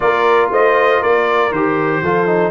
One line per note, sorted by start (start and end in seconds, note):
0.00 0.51 A#3
0.00 1.51 F4
0.00 0.50 A#4
0.00 0.49 D5
0.50 1.01 A3
0.50 1.00 C5
0.50 1.02 D#5
1.00 1.51 A#3
1.00 2.01 A#4
1.00 1.52 D5
1.51 2.01 D#3
1.51 2.04 G4
1.51 2.51 C5
2.01 2.51 F3
2.01 2.26 F4
2.01 2.51 A4
2.26 2.51 D#4